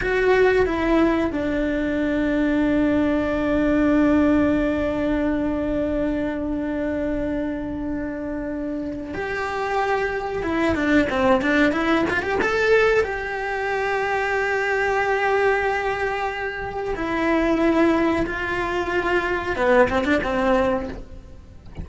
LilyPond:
\new Staff \with { instrumentName = "cello" } { \time 4/4 \tempo 4 = 92 fis'4 e'4 d'2~ | d'1~ | d'1~ | d'2 g'2 |
e'8 d'8 c'8 d'8 e'8 f'16 g'16 a'4 | g'1~ | g'2 e'2 | f'2 b8 c'16 d'16 c'4 | }